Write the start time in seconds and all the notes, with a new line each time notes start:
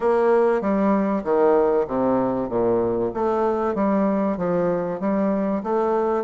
0.00 A#3
0.61 G3
1.24 D#3
1.87 C3
2.49 A#2
3.14 A3
3.74 G3
4.37 F3
5.00 G3
5.63 A3